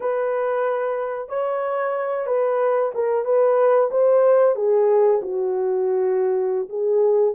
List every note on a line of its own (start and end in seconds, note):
0.00 1.28 B4
1.28 2.26 C#5
2.26 2.91 B4
2.94 3.24 A#4
3.24 3.90 B4
3.90 4.55 C5
4.55 5.20 G#4
5.22 6.68 F#4
6.68 7.34 G#4